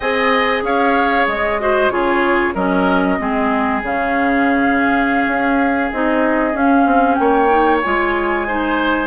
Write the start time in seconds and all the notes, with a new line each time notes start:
0.00 C4 G#4 D#5 G#5
0.62 C#4 C#5 F5
1.27 G#3 D#5
1.60 F#4 C5
1.89 C#3 F4 G#4 C#5
2.54 F#3 C#4 A#4 D#5
3.18 G#3 C4 G#4
3.82 C#3 C#4 F5
5.27 C#4
5.92 C4 D#4 D#5
6.53 C#4 F5
6.85 C4
7.14 A#3 C#5 G5
7.49 D#4
7.82 G#3 F4 G#5
8.47 D#4 C5